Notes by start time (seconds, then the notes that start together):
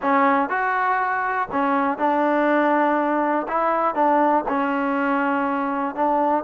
0.01 C#4
0.49 F#4
1.51 C#4
1.97 D4
3.47 E4
3.94 D4
4.48 C#4
5.95 D4